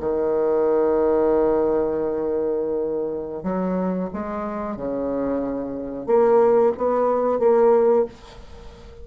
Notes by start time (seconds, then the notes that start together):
0.00 D#3
3.43 F#3
4.13 G#3
4.77 C#3
6.06 A#3
6.77 B3
7.39 A#3